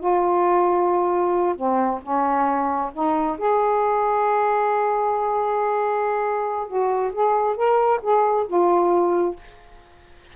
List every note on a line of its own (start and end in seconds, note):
0.00 1.56 F4
1.56 2.01 C4
2.03 2.92 C#4
2.94 3.38 D#4
3.38 6.68 G#4
6.68 7.13 F#4
7.14 7.56 G#4
7.56 8.01 A#4
8.03 8.47 G#4
8.48 9.37 F4